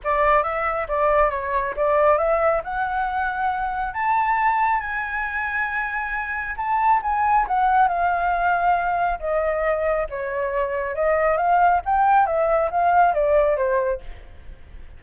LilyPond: \new Staff \with { instrumentName = "flute" } { \time 4/4 \tempo 4 = 137 d''4 e''4 d''4 cis''4 | d''4 e''4 fis''2~ | fis''4 a''2 gis''4~ | gis''2. a''4 |
gis''4 fis''4 f''2~ | f''4 dis''2 cis''4~ | cis''4 dis''4 f''4 g''4 | e''4 f''4 d''4 c''4 | }